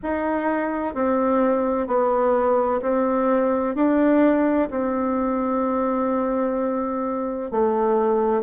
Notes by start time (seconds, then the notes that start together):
0.03 D#4
0.94 C4
1.87 B3
2.82 C4
3.75 D4
4.70 C4
7.51 A3